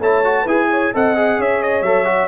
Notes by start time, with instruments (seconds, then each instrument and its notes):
0.00 tuba A3, trombone E4, horn C#5, trumpet A5
0.24 trombone F#4
0.43 tuba E4, trombone G#4, horn B4, trumpet G#5
0.70 horn C#5
0.94 tuba C4, trombone A4, horn D#5, trumpet F#5
1.17 trombone G#4
1.39 tuba C#4, horn C#5, trumpet E5
1.63 trumpet D#5
1.82 tuba F#3, trombone A4, trumpet E5
2.05 trombone F#4